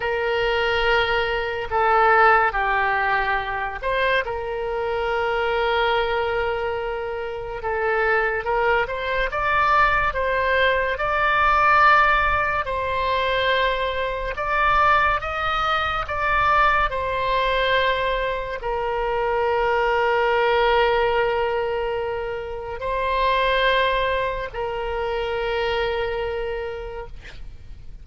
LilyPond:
\new Staff \with { instrumentName = "oboe" } { \time 4/4 \tempo 4 = 71 ais'2 a'4 g'4~ | g'8 c''8 ais'2.~ | ais'4 a'4 ais'8 c''8 d''4 | c''4 d''2 c''4~ |
c''4 d''4 dis''4 d''4 | c''2 ais'2~ | ais'2. c''4~ | c''4 ais'2. | }